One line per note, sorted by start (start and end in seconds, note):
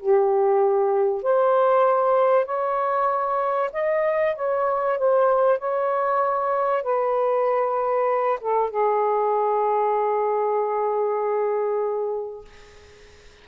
0.00 1.23 G4
1.23 2.46 C5
2.46 3.71 C#5
3.73 4.36 D#5
4.36 4.98 C#5
4.99 5.59 C5
5.59 6.84 C#5
6.84 8.40 B4
8.41 8.70 A4
8.70 12.45 G#4